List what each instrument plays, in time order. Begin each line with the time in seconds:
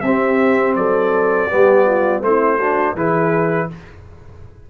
0.00 tuba C4, trombone C4, horn G4, trumpet E5
0.75 tuba F#3, horn A4, trumpet D5
1.50 tuba G3, trombone B3, horn G4
1.86 horn F4
2.21 tuba A3, trombone C4, horn E4, trumpet C5
2.57 trombone D4, horn F#4
2.95 tuba E3, trombone E4, horn G#4, trumpet B4